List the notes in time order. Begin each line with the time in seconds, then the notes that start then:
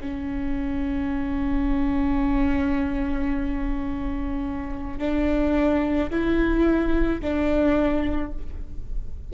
0.00 C#4
4.98 D4
6.10 E4
7.21 D4